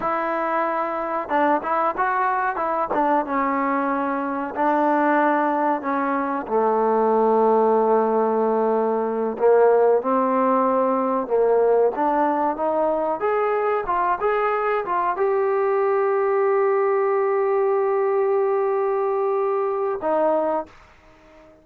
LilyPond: \new Staff \with { instrumentName = "trombone" } { \time 4/4 \tempo 4 = 93 e'2 d'8 e'8 fis'4 | e'8 d'8 cis'2 d'4~ | d'4 cis'4 a2~ | a2~ a8 ais4 c'8~ |
c'4. ais4 d'4 dis'8~ | dis'8 gis'4 f'8 gis'4 f'8 g'8~ | g'1~ | g'2. dis'4 | }